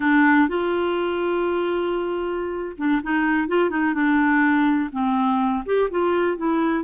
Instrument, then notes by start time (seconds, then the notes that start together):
clarinet
0.00 D4
0.48 F4
2.77 D4
3.02 D#4
3.48 F4
3.70 D#4
3.94 D4
4.92 C4
5.65 G4
5.90 F4
6.37 E4